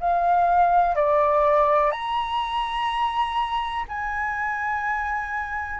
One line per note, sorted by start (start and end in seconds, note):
0.00 0.95 F5
0.95 1.91 D5
1.91 3.85 A#5
3.88 5.80 G#5